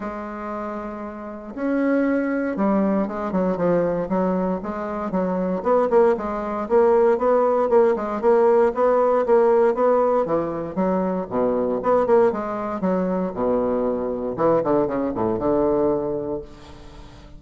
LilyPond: \new Staff \with { instrumentName = "bassoon" } { \time 4/4 \tempo 4 = 117 gis2. cis'4~ | cis'4 g4 gis8 fis8 f4 | fis4 gis4 fis4 b8 ais8 | gis4 ais4 b4 ais8 gis8 |
ais4 b4 ais4 b4 | e4 fis4 b,4 b8 ais8 | gis4 fis4 b,2 | e8 d8 cis8 a,8 d2 | }